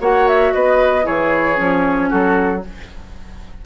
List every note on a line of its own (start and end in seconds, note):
0.00 0.53 A#3
0.00 1.02 F#4
0.00 0.53 C#5
0.00 0.28 F#5
0.28 0.53 E5
0.53 1.07 B3
0.53 1.05 B4
0.53 1.06 D#5
1.02 1.59 E3
1.02 1.55 E4
1.02 2.09 G#4
1.02 2.11 C#5
1.55 2.12 F3
1.55 2.60 C#4
2.09 2.65 F#3
2.09 2.62 F#4
2.09 2.63 A4